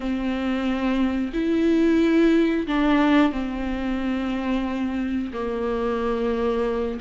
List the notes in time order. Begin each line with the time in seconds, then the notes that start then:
0.00 C4
1.33 E4
2.67 D4
3.32 C4
5.33 A#3